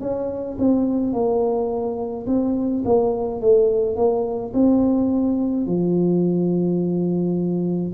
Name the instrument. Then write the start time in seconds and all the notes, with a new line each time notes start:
tuba
0.00 C#4
0.58 C4
1.13 A#3
2.26 C4
2.85 A#3
3.41 A3
3.96 A#3
4.53 C4
5.66 F3